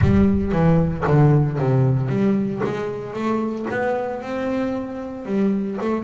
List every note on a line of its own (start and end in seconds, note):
0.01 0.51 G3
0.51 1.04 E3
1.07 1.58 D3
1.58 2.08 C3
2.08 2.61 G3
2.63 3.13 G#3
3.13 3.66 A3
3.70 4.22 B3
4.22 5.25 C4
5.25 5.78 G3
5.81 6.03 A3